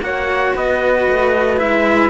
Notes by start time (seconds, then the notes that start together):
0.00 A#3 F#4 C#5 F#5
0.56 B3 B4 D#5
1.09 A3
1.57 G#3 E4 E5